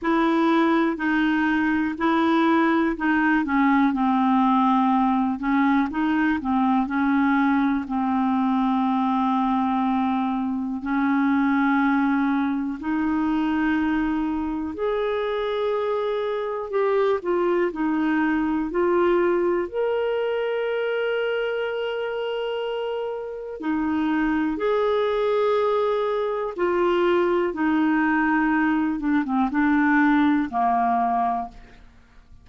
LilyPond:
\new Staff \with { instrumentName = "clarinet" } { \time 4/4 \tempo 4 = 61 e'4 dis'4 e'4 dis'8 cis'8 | c'4. cis'8 dis'8 c'8 cis'4 | c'2. cis'4~ | cis'4 dis'2 gis'4~ |
gis'4 g'8 f'8 dis'4 f'4 | ais'1 | dis'4 gis'2 f'4 | dis'4. d'16 c'16 d'4 ais4 | }